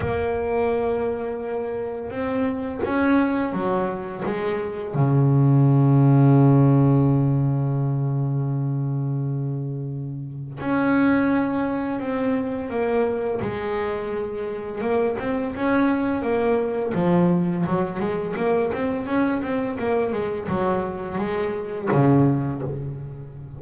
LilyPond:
\new Staff \with { instrumentName = "double bass" } { \time 4/4 \tempo 4 = 85 ais2. c'4 | cis'4 fis4 gis4 cis4~ | cis1~ | cis2. cis'4~ |
cis'4 c'4 ais4 gis4~ | gis4 ais8 c'8 cis'4 ais4 | f4 fis8 gis8 ais8 c'8 cis'8 c'8 | ais8 gis8 fis4 gis4 cis4 | }